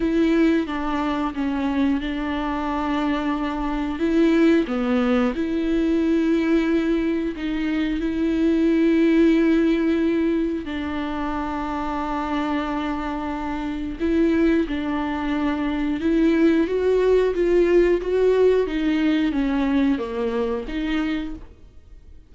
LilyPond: \new Staff \with { instrumentName = "viola" } { \time 4/4 \tempo 4 = 90 e'4 d'4 cis'4 d'4~ | d'2 e'4 b4 | e'2. dis'4 | e'1 |
d'1~ | d'4 e'4 d'2 | e'4 fis'4 f'4 fis'4 | dis'4 cis'4 ais4 dis'4 | }